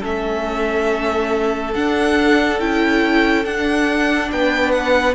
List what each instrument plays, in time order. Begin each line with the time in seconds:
0.00 cello A3, viola C#4, violin A4 E5
1.74 cello D4, viola D4, violin F#5
2.59 cello C#4, viola E4, violin G5
3.44 viola D4, cello D4, violin F#5
4.31 cello B3, violin B4 G5
4.71 violin F#5